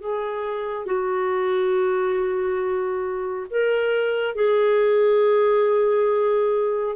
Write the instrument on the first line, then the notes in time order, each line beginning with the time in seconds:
clarinet
0.00 G#4
0.86 F#4
3.50 A#4
4.35 G#4